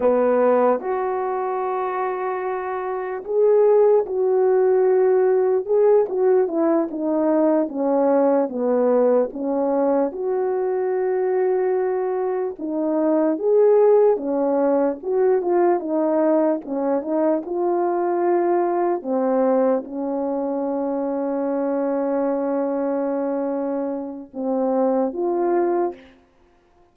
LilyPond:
\new Staff \with { instrumentName = "horn" } { \time 4/4 \tempo 4 = 74 b4 fis'2. | gis'4 fis'2 gis'8 fis'8 | e'8 dis'4 cis'4 b4 cis'8~ | cis'8 fis'2. dis'8~ |
dis'8 gis'4 cis'4 fis'8 f'8 dis'8~ | dis'8 cis'8 dis'8 f'2 c'8~ | c'8 cis'2.~ cis'8~ | cis'2 c'4 f'4 | }